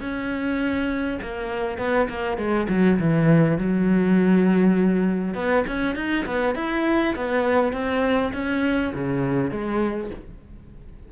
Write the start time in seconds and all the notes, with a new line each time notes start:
0.00 C#4
1.22 A#3
1.78 B3
2.09 A#3
2.37 G#3
2.68 F#3
2.99 E3
3.58 F#3
5.34 B3
5.67 C#4
5.95 D#4
6.25 B3
6.55 E4
7.15 B3
7.72 C4
8.33 C#4
8.94 C#3
9.50 G#3